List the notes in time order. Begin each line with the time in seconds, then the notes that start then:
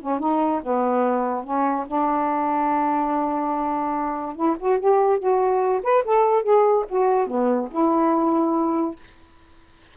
0.00 C#4
0.19 D#4
0.63 B3
1.43 C#4
1.87 D4
4.35 E4
4.59 F#4
4.79 G4
5.19 F#4
5.83 B4
6.04 A4
6.43 G#4
6.89 F#4
7.27 B3
7.70 E4